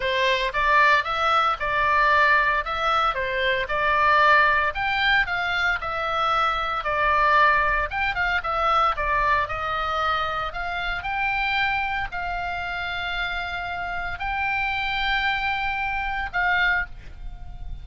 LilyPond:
\new Staff \with { instrumentName = "oboe" } { \time 4/4 \tempo 4 = 114 c''4 d''4 e''4 d''4~ | d''4 e''4 c''4 d''4~ | d''4 g''4 f''4 e''4~ | e''4 d''2 g''8 f''8 |
e''4 d''4 dis''2 | f''4 g''2 f''4~ | f''2. g''4~ | g''2. f''4 | }